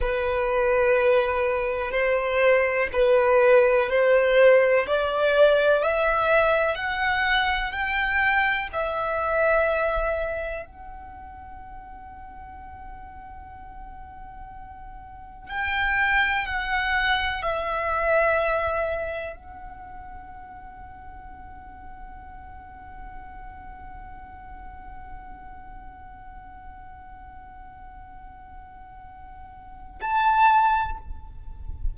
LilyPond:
\new Staff \with { instrumentName = "violin" } { \time 4/4 \tempo 4 = 62 b'2 c''4 b'4 | c''4 d''4 e''4 fis''4 | g''4 e''2 fis''4~ | fis''1 |
g''4 fis''4 e''2 | fis''1~ | fis''1~ | fis''2. a''4 | }